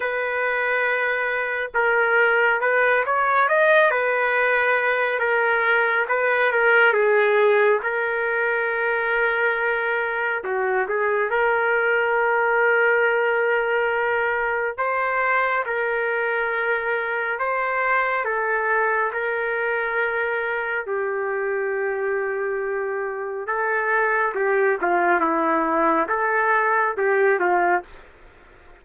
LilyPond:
\new Staff \with { instrumentName = "trumpet" } { \time 4/4 \tempo 4 = 69 b'2 ais'4 b'8 cis''8 | dis''8 b'4. ais'4 b'8 ais'8 | gis'4 ais'2. | fis'8 gis'8 ais'2.~ |
ais'4 c''4 ais'2 | c''4 a'4 ais'2 | g'2. a'4 | g'8 f'8 e'4 a'4 g'8 f'8 | }